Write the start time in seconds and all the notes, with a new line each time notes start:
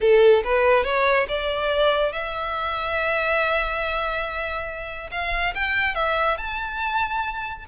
0.00 A4
0.44 B4
0.84 C#5
1.28 D5
2.12 E5
5.11 F5
5.54 G5
5.95 E5
6.37 A5